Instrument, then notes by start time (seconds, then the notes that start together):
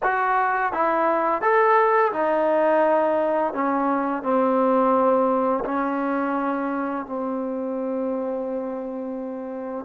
trombone
0.02 F#4
0.73 E4
1.41 A4
2.12 D#4
3.53 C#4
4.22 C4
5.65 C#4
7.06 C4